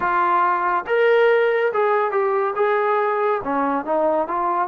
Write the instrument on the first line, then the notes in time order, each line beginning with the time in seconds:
trombone
0.00 F4
0.86 A#4
1.73 G#4
2.11 G4
2.55 G#4
3.43 C#4
3.85 D#4
4.27 F4